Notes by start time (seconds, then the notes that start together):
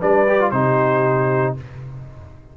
0.00 G3 D4 B4 D5
0.28 G4
0.40 F4
0.51 C3 D#4 G4 C5